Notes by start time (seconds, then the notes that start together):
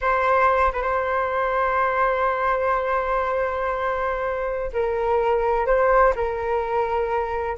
0.01 C5
0.72 B4
0.82 C5
4.73 A#4
5.66 C5
6.15 A#4